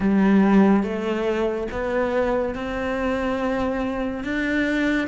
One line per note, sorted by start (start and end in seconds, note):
0.00 0.83 G3
0.83 1.67 A3
1.71 2.55 B3
2.55 4.23 C4
4.23 5.07 D4